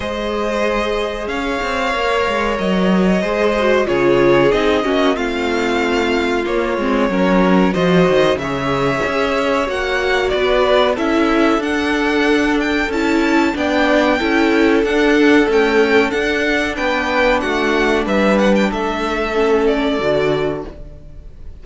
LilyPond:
<<
  \new Staff \with { instrumentName = "violin" } { \time 4/4 \tempo 4 = 93 dis''2 f''2 | dis''2 cis''4 dis''4 | f''2 cis''2 | dis''4 e''2 fis''4 |
d''4 e''4 fis''4. g''8 | a''4 g''2 fis''4 | g''4 fis''4 g''4 fis''4 | e''8 fis''16 g''16 e''4. d''4. | }
  \new Staff \with { instrumentName = "violin" } { \time 4/4 c''2 cis''2~ | cis''4 c''4 gis'4. fis'8 | f'2. ais'4 | c''4 cis''2. |
b'4 a'2.~ | a'4 d''4 a'2~ | a'2 b'4 fis'4 | b'4 a'2. | }
  \new Staff \with { instrumentName = "viola" } { \time 4/4 gis'2. ais'4~ | ais'4 gis'8 fis'8 f'4 dis'8 cis'8 | c'2 ais8 c'8 cis'4 | fis'4 gis'2 fis'4~ |
fis'4 e'4 d'2 | e'4 d'4 e'4 d'4 | a4 d'2.~ | d'2 cis'4 fis'4 | }
  \new Staff \with { instrumentName = "cello" } { \time 4/4 gis2 cis'8 c'8 ais8 gis8 | fis4 gis4 cis4 c'8 ais8 | a2 ais8 gis8 fis4 | f8 dis8 cis4 cis'4 ais4 |
b4 cis'4 d'2 | cis'4 b4 cis'4 d'4 | cis'4 d'4 b4 a4 | g4 a2 d4 | }
>>